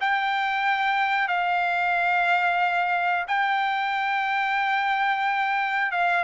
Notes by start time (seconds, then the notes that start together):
0.00 G5
1.28 F5
3.27 G5
5.91 F5